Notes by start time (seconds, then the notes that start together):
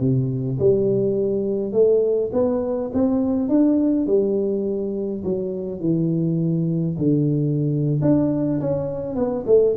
0.00 C3
0.59 G3
1.72 A3
2.32 B3
2.93 C4
3.49 D4
4.06 G3
5.24 F#3
5.80 E3
6.98 D3
8.02 D4
8.60 C#4
9.15 B3
9.46 A3